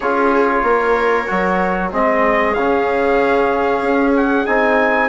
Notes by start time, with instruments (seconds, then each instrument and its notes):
0.00 bassoon C#4, trombone F4, viola G#4, trumpet C#5
0.62 bassoon A#3, viola A#4
1.26 bassoon F#3, trombone F#4
1.91 bassoon G#3, trombone C4, viola G#4, trumpet D#5
2.54 bassoon C#3, trombone C#4, trumpet F5
3.81 bassoon C#4
4.16 trumpet F#5
4.45 bassoon C4, trombone D#4, trumpet G#5